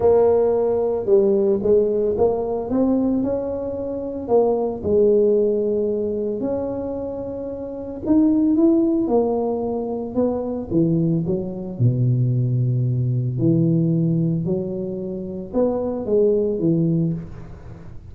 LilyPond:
\new Staff \with { instrumentName = "tuba" } { \time 4/4 \tempo 4 = 112 ais2 g4 gis4 | ais4 c'4 cis'2 | ais4 gis2. | cis'2. dis'4 |
e'4 ais2 b4 | e4 fis4 b,2~ | b,4 e2 fis4~ | fis4 b4 gis4 e4 | }